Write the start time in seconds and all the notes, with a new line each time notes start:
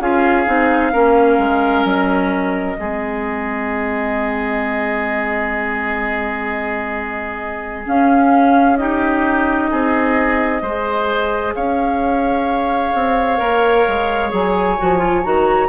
0.00 C#4 F4 G#4 F5
0.45 C4 D#4
0.92 A#3 C#4 A#4
1.38 G#3
1.84 F#3 D#5
2.77 G#3 C4 G#4
7.85 C#4 F5
8.77 D#4 G4 D#5
9.71 C4 G#4
10.61 G#3 G#4 C5
11.55 C#4 C#5 F5
12.94 C4
13.37 A#3 A#4
13.87 G#3
14.29 F#3 G#4 G#5
14.78 F3 F#4
14.98 F4
15.23 D#3 F#4 A#5